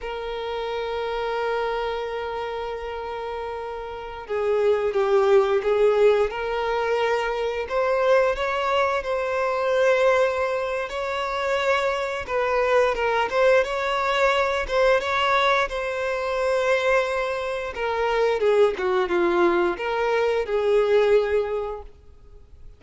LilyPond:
\new Staff \with { instrumentName = "violin" } { \time 4/4 \tempo 4 = 88 ais'1~ | ais'2~ ais'16 gis'4 g'8.~ | g'16 gis'4 ais'2 c''8.~ | c''16 cis''4 c''2~ c''8. |
cis''2 b'4 ais'8 c''8 | cis''4. c''8 cis''4 c''4~ | c''2 ais'4 gis'8 fis'8 | f'4 ais'4 gis'2 | }